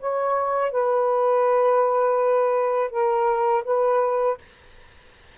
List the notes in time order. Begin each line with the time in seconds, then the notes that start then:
0.00 C#5
0.72 B4
2.91 A#4
3.65 B4